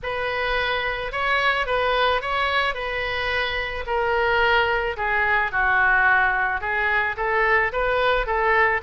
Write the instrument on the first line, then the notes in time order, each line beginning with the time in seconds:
oboe
0.02 B4
1.12 C#5
1.66 B4
2.21 C#5
2.74 B4
3.86 A#4
4.96 G#4
5.51 F#4
6.61 G#4
7.17 A4
7.72 B4
8.26 A4